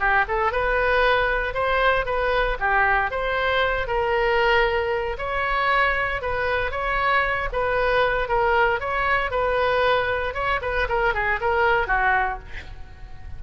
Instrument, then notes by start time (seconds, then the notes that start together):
oboe
0.00 G4
0.29 A4
0.52 B4
1.54 C5
2.06 B4
2.60 G4
3.12 C5
3.88 A#4
5.19 C#5
6.22 B4
6.72 C#5
7.53 B4
8.29 A#4
8.81 C#5
9.31 B4
10.34 C#5
10.62 B4
10.89 A#4
11.14 G#4
11.41 A#4
11.88 F#4